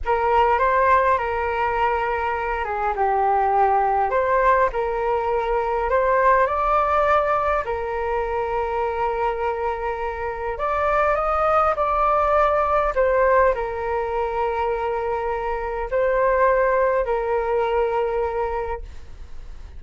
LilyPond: \new Staff \with { instrumentName = "flute" } { \time 4/4 \tempo 4 = 102 ais'4 c''4 ais'2~ | ais'8 gis'8 g'2 c''4 | ais'2 c''4 d''4~ | d''4 ais'2.~ |
ais'2 d''4 dis''4 | d''2 c''4 ais'4~ | ais'2. c''4~ | c''4 ais'2. | }